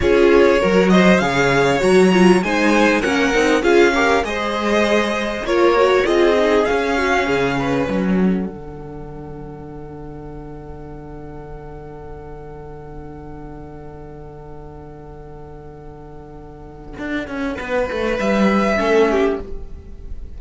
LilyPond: <<
  \new Staff \with { instrumentName = "violin" } { \time 4/4 \tempo 4 = 99 cis''4. dis''8 f''4 ais''4 | gis''4 fis''4 f''4 dis''4~ | dis''4 cis''4 dis''4 f''4~ | f''4 fis''2.~ |
fis''1~ | fis''1~ | fis''1~ | fis''2 e''2 | }
  \new Staff \with { instrumentName = "violin" } { \time 4/4 gis'4 ais'8 c''8 cis''2 | c''4 ais'4 gis'8 ais'8 c''4~ | c''4 ais'4 gis'4. fis'8 | gis'8 b'4 a'2~ a'8~ |
a'1~ | a'1~ | a'1~ | a'4 b'2 a'8 g'8 | }
  \new Staff \with { instrumentName = "viola" } { \time 4/4 f'4 fis'4 gis'4 fis'8 f'8 | dis'4 cis'8 dis'8 f'8 g'8 gis'4~ | gis'4 f'8 fis'8 f'8 dis'8 cis'4~ | cis'2 d'2~ |
d'1~ | d'1~ | d'1~ | d'2. cis'4 | }
  \new Staff \with { instrumentName = "cello" } { \time 4/4 cis'4 fis4 cis4 fis4 | gis4 ais8 c'8 cis'4 gis4~ | gis4 ais4 c'4 cis'4 | cis4 fis4 d2~ |
d1~ | d1~ | d1 | d'8 cis'8 b8 a8 g4 a4 | }
>>